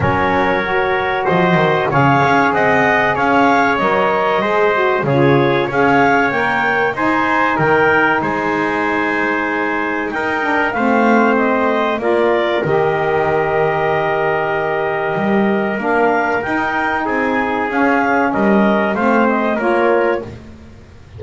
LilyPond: <<
  \new Staff \with { instrumentName = "clarinet" } { \time 4/4 \tempo 4 = 95 cis''2 dis''4 f''4 | fis''4 f''4 dis''2 | cis''4 f''4 g''4 gis''4 | g''4 gis''2. |
g''4 f''4 dis''4 d''4 | dis''1~ | dis''4 f''4 g''4 gis''4 | f''4 dis''4 f''8 dis''8 cis''4 | }
  \new Staff \with { instrumentName = "trumpet" } { \time 4/4 ais'2 c''4 cis''4 | dis''4 cis''2 c''4 | gis'4 cis''2 c''4 | ais'4 c''2. |
ais'4 c''2 ais'4~ | ais'1~ | ais'2. gis'4~ | gis'4 ais'4 c''4 ais'4 | }
  \new Staff \with { instrumentName = "saxophone" } { \time 4/4 cis'4 fis'2 gis'4~ | gis'2 ais'4 gis'8 fis'8 | f'4 gis'4 ais'4 dis'4~ | dis'1~ |
dis'8 d'8 c'2 f'4 | g'1~ | g'4 d'4 dis'2 | cis'2 c'4 f'4 | }
  \new Staff \with { instrumentName = "double bass" } { \time 4/4 fis2 f8 dis8 cis8 cis'8 | c'4 cis'4 fis4 gis4 | cis4 cis'4 ais4 dis'4 | dis4 gis2. |
dis'4 a2 ais4 | dis1 | g4 ais4 dis'4 c'4 | cis'4 g4 a4 ais4 | }
>>